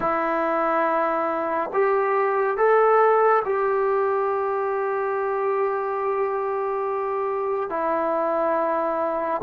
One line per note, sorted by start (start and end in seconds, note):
0.00 1.70 E4
1.73 2.57 G4
2.57 3.42 A4
3.44 7.69 G4
7.69 9.41 E4